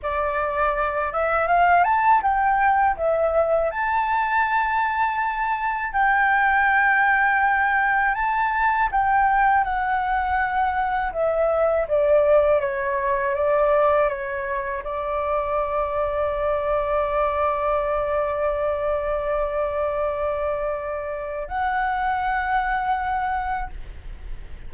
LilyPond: \new Staff \with { instrumentName = "flute" } { \time 4/4 \tempo 4 = 81 d''4. e''8 f''8 a''8 g''4 | e''4 a''2. | g''2. a''4 | g''4 fis''2 e''4 |
d''4 cis''4 d''4 cis''4 | d''1~ | d''1~ | d''4 fis''2. | }